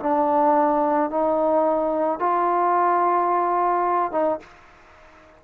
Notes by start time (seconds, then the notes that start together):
0.00 D4
1.11 D#4
2.20 F4
4.13 D#4